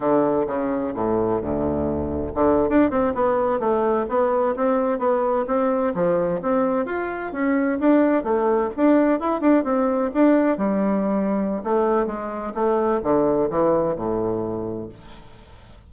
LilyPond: \new Staff \with { instrumentName = "bassoon" } { \time 4/4 \tempo 4 = 129 d4 cis4 a,4 d,4~ | d,4 d8. d'8 c'8 b4 a16~ | a8. b4 c'4 b4 c'16~ | c'8. f4 c'4 f'4 cis'16~ |
cis'8. d'4 a4 d'4 e'16~ | e'16 d'8 c'4 d'4 g4~ g16~ | g4 a4 gis4 a4 | d4 e4 a,2 | }